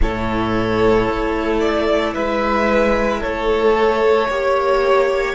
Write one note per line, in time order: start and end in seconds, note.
0.01 1.08 A2
0.01 3.73 E4
0.01 2.14 A4
0.01 1.60 C#5
1.08 2.15 A3
1.60 2.13 D5
2.14 3.23 G#3
2.14 3.20 B4
2.14 3.21 E5
3.20 4.30 A3
3.20 4.27 A4
3.20 5.34 C#5
3.73 4.26 A4
4.28 5.34 A#3
4.28 5.34 G4
4.28 5.34 C#5